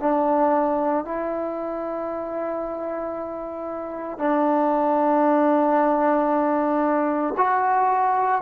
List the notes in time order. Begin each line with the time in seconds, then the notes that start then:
0.00 D4
1.05 E4
4.19 D4
7.38 F#4